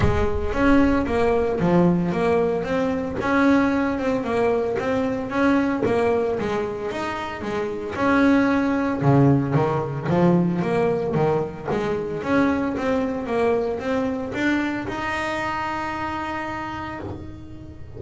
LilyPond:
\new Staff \with { instrumentName = "double bass" } { \time 4/4 \tempo 4 = 113 gis4 cis'4 ais4 f4 | ais4 c'4 cis'4. c'8 | ais4 c'4 cis'4 ais4 | gis4 dis'4 gis4 cis'4~ |
cis'4 cis4 dis4 f4 | ais4 dis4 gis4 cis'4 | c'4 ais4 c'4 d'4 | dis'1 | }